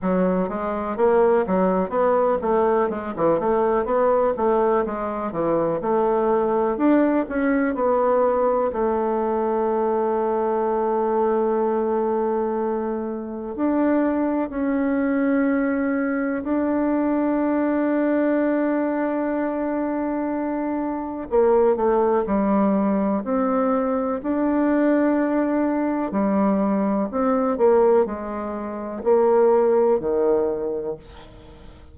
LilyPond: \new Staff \with { instrumentName = "bassoon" } { \time 4/4 \tempo 4 = 62 fis8 gis8 ais8 fis8 b8 a8 gis16 e16 a8 | b8 a8 gis8 e8 a4 d'8 cis'8 | b4 a2.~ | a2 d'4 cis'4~ |
cis'4 d'2.~ | d'2 ais8 a8 g4 | c'4 d'2 g4 | c'8 ais8 gis4 ais4 dis4 | }